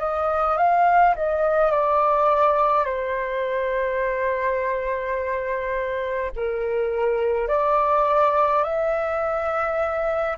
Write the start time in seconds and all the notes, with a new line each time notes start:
0.00 D#5
0.58 F5
1.16 D#5
1.72 D5
2.85 C5
6.36 A#4
7.48 D5
8.64 E5